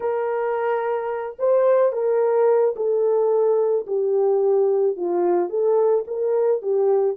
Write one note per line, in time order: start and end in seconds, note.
0.00 1.36 A#4
1.39 1.92 C5
1.92 2.74 A#4
2.75 3.86 A4
3.86 4.96 G4
4.96 5.49 F4
5.49 6.04 A4
6.07 6.62 A#4
6.62 7.16 G4